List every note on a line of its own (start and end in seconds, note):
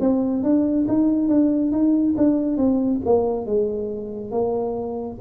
0.00 0.43 C4
0.43 0.87 D4
0.88 1.28 D#4
1.28 1.72 D4
1.72 2.15 D#4
2.17 2.57 D4
2.57 3.01 C4
3.05 3.46 A#3
3.46 4.31 G#3
4.31 5.18 A#3